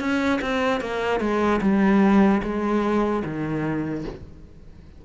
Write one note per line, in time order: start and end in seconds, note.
0.00 0.40 C#4
0.41 0.80 C4
0.80 1.20 A#3
1.20 1.60 G#3
1.61 2.41 G3
2.43 3.23 G#3
3.25 4.05 D#3